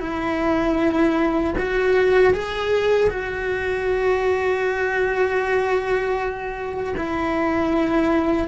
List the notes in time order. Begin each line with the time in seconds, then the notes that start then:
0.00 E4
1.58 F#4
2.33 G#4
3.10 F#4
6.97 E4